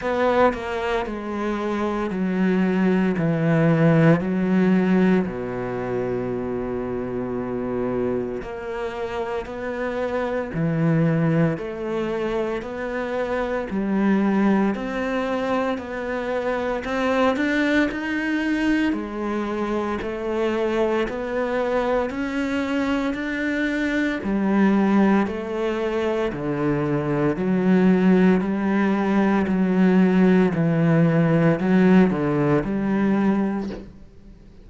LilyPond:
\new Staff \with { instrumentName = "cello" } { \time 4/4 \tempo 4 = 57 b8 ais8 gis4 fis4 e4 | fis4 b,2. | ais4 b4 e4 a4 | b4 g4 c'4 b4 |
c'8 d'8 dis'4 gis4 a4 | b4 cis'4 d'4 g4 | a4 d4 fis4 g4 | fis4 e4 fis8 d8 g4 | }